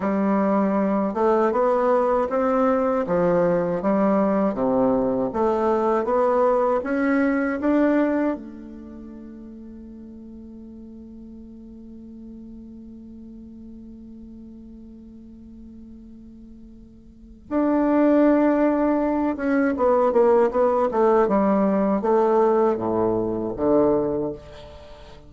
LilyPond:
\new Staff \with { instrumentName = "bassoon" } { \time 4/4 \tempo 4 = 79 g4. a8 b4 c'4 | f4 g4 c4 a4 | b4 cis'4 d'4 a4~ | a1~ |
a1~ | a2. d'4~ | d'4. cis'8 b8 ais8 b8 a8 | g4 a4 a,4 d4 | }